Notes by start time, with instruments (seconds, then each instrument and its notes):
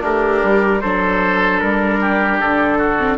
0.00 bassoon A3, oboe D4, viola G4, trumpet A#4
0.43 bassoon G3
0.81 bassoon F#3, viola D4, oboe A4, trumpet C5
1.60 bassoon G3, trumpet A#4
2.00 oboe G4
2.40 bassoon D3, trumpet A4
2.78 oboe F#4
2.99 viola C4